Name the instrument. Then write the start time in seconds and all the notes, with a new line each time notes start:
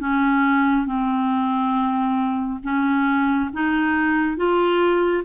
clarinet
0.00 C#4
0.86 C4
2.63 C#4
3.53 D#4
4.37 F4